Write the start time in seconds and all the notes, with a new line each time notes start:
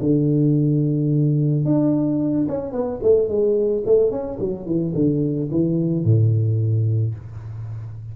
0.00 D3
1.65 D4
2.48 C#4
2.72 B3
3.02 A3
3.28 G#3
3.86 A3
4.11 C#4
4.39 F#3
4.66 E3
4.94 D3
5.51 E3
6.04 A2